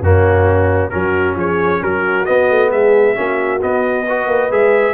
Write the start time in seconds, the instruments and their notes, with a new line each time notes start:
0.00 tuba F#2, trombone A#3, horn C#4, trumpet F#4
0.90 tuba F#3, trombone C#4, horn F#4, trumpet A#4
1.35 tuba F3, horn G#4, trumpet C#5
1.82 tuba F#3, horn F#4, trumpet A#4
2.25 trombone B3, tuba B3, trumpet D#5
2.50 tuba A3
2.71 tuba G#3, horn G#4, trumpet E5
3.15 tuba A#3, trombone C#4, horn F#4
3.61 trombone B3, tuba B3, trumpet D#5
4.08 trombone F#4, horn B4
4.27 tuba A#3
4.51 tuba G#3, trombone G#4, trumpet E5